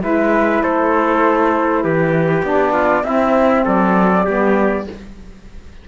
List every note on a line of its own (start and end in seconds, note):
0.00 0.63 G#3
0.00 2.42 E4
0.00 0.63 B4
0.00 0.62 E5
0.62 1.84 A3
0.62 1.83 A4
0.62 1.83 C5
1.83 2.43 E3
1.83 2.72 G4
1.83 2.44 B4
2.43 3.03 B3
2.43 3.03 D4
2.43 3.04 D5
2.72 3.03 F4
3.04 3.64 C4
3.04 4.26 C4
3.04 3.65 E4
3.04 3.64 E5
3.65 4.26 F#3
3.65 4.25 A4
3.65 4.88 D5
4.25 4.87 G3
4.25 4.87 B3
4.25 4.85 G4